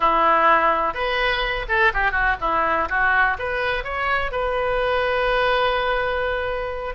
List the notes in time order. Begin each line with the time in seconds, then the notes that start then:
0.00 E4
0.94 B4
1.68 A4
1.93 G4
2.11 F#4
2.40 E4
2.89 F#4
3.38 B4
3.84 C#5
4.31 B4